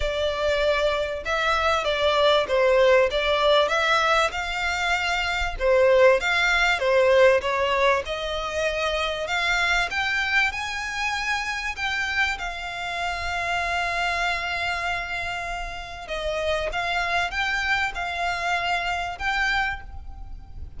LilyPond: \new Staff \with { instrumentName = "violin" } { \time 4/4 \tempo 4 = 97 d''2 e''4 d''4 | c''4 d''4 e''4 f''4~ | f''4 c''4 f''4 c''4 | cis''4 dis''2 f''4 |
g''4 gis''2 g''4 | f''1~ | f''2 dis''4 f''4 | g''4 f''2 g''4 | }